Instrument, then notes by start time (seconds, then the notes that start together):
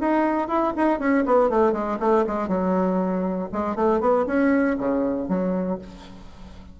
bassoon
0.00 D#4
0.48 E4
0.76 D#4
0.99 C#4
1.25 B3
1.49 A3
1.72 G#3
1.99 A3
2.26 G#3
2.48 F#3
3.52 G#3
3.75 A3
4.00 B3
4.26 C#4
4.78 C#3
5.28 F#3